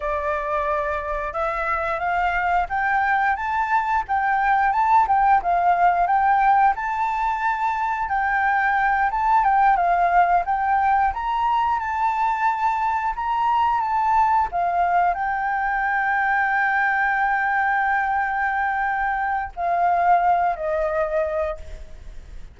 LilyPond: \new Staff \with { instrumentName = "flute" } { \time 4/4 \tempo 4 = 89 d''2 e''4 f''4 | g''4 a''4 g''4 a''8 g''8 | f''4 g''4 a''2 | g''4. a''8 g''8 f''4 g''8~ |
g''8 ais''4 a''2 ais''8~ | ais''8 a''4 f''4 g''4.~ | g''1~ | g''4 f''4. dis''4. | }